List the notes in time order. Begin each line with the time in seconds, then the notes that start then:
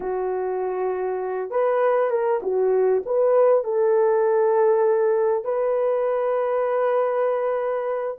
0.00 F#4
1.50 B4
2.10 A#4
2.42 F#4
3.05 B4
3.64 A4
5.44 B4